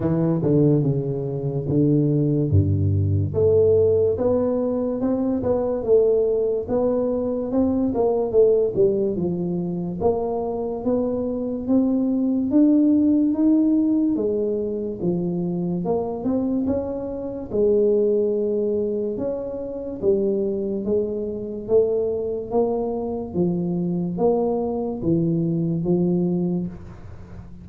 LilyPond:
\new Staff \with { instrumentName = "tuba" } { \time 4/4 \tempo 4 = 72 e8 d8 cis4 d4 g,4 | a4 b4 c'8 b8 a4 | b4 c'8 ais8 a8 g8 f4 | ais4 b4 c'4 d'4 |
dis'4 gis4 f4 ais8 c'8 | cis'4 gis2 cis'4 | g4 gis4 a4 ais4 | f4 ais4 e4 f4 | }